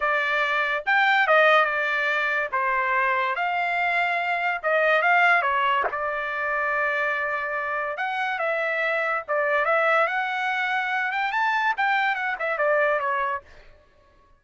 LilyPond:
\new Staff \with { instrumentName = "trumpet" } { \time 4/4 \tempo 4 = 143 d''2 g''4 dis''4 | d''2 c''2 | f''2. dis''4 | f''4 cis''4 d''2~ |
d''2. fis''4 | e''2 d''4 e''4 | fis''2~ fis''8 g''8 a''4 | g''4 fis''8 e''8 d''4 cis''4 | }